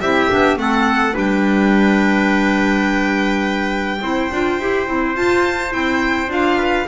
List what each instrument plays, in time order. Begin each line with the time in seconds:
0.00 double bass C4, clarinet E4, trumpet G4, violin E5
0.30 double bass B3, clarinet D4
0.56 double bass A3, clarinet C4, trumpet A4, violin F#5
1.12 double bass G3, clarinet D4, trumpet B4, violin G5
4.01 double bass C4, clarinet E4, trumpet C5
4.31 double bass D4, clarinet F4
4.59 double bass E4, clarinet G4
4.86 double bass C4, clarinet E4
5.15 clarinet F4, double bass F4, violin A5
5.70 double bass C4, clarinet E4, violin G5
6.28 double bass D4, clarinet F4, violin F5
6.57 trumpet B4